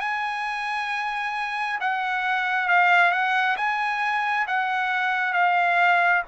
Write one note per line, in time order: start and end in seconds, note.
0.00 1.79 G#5
1.81 2.68 F#5
2.68 3.12 F5
3.12 3.57 F#5
3.57 4.47 G#5
4.47 5.34 F#5
5.34 6.23 F5